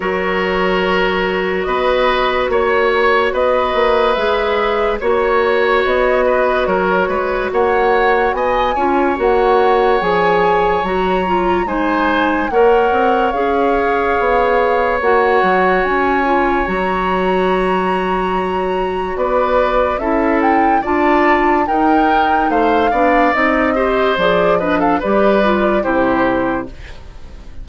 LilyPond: <<
  \new Staff \with { instrumentName = "flute" } { \time 4/4 \tempo 4 = 72 cis''2 dis''4 cis''4 | dis''4 e''4 cis''4 dis''4 | cis''4 fis''4 gis''4 fis''4 | gis''4 ais''4 gis''4 fis''4 |
f''2 fis''4 gis''4 | ais''2. d''4 | e''8 g''8 a''4 g''4 f''4 | dis''4 d''8 dis''16 f''16 d''4 c''4 | }
  \new Staff \with { instrumentName = "oboe" } { \time 4/4 ais'2 b'4 cis''4 | b'2 cis''4. b'8 | ais'8 b'8 cis''4 dis''8 cis''4.~ | cis''2 c''4 cis''4~ |
cis''1~ | cis''2. b'4 | a'4 d''4 ais'4 c''8 d''8~ | d''8 c''4 b'16 a'16 b'4 g'4 | }
  \new Staff \with { instrumentName = "clarinet" } { \time 4/4 fis'1~ | fis'4 gis'4 fis'2~ | fis'2~ fis'8 f'8 fis'4 | gis'4 fis'8 f'8 dis'4 ais'4 |
gis'2 fis'4. f'8 | fis'1 | e'4 f'4 dis'4. d'8 | dis'8 g'8 gis'8 d'8 g'8 f'8 e'4 | }
  \new Staff \with { instrumentName = "bassoon" } { \time 4/4 fis2 b4 ais4 | b8 ais8 gis4 ais4 b4 | fis8 gis8 ais4 b8 cis'8 ais4 | f4 fis4 gis4 ais8 c'8 |
cis'4 b4 ais8 fis8 cis'4 | fis2. b4 | cis'4 d'4 dis'4 a8 b8 | c'4 f4 g4 c4 | }
>>